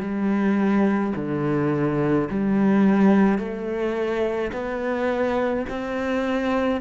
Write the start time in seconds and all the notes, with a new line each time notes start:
0.00 G3
1.15 D3
2.30 G3
3.38 A3
4.52 B3
5.69 C4